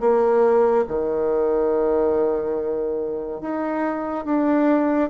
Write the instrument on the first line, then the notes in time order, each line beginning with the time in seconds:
bassoon
0.00 A#3
0.88 D#3
3.41 D#4
4.25 D4